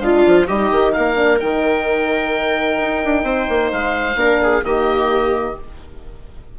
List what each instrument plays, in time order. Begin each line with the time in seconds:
0.00 bassoon G#3, horn D4, viola F4, oboe F5
0.27 bassoon F3
0.47 bassoon G3, horn D#4, viola G4, oboe D#5
0.71 bassoon D#3
0.93 bassoon A#3, viola A#4, oboe F5
1.16 horn D4
1.40 bassoon D#3, horn D#4, oboe G5
2.80 bassoon D#4
3.05 bassoon D4
3.24 bassoon C4, viola C5
3.49 bassoon A#3
3.72 bassoon G#3, oboe F5
4.16 bassoon A#3, horn D4, viola A#4
4.43 viola G#4
4.63 bassoon D#3, horn A#3, viola G4, oboe D#5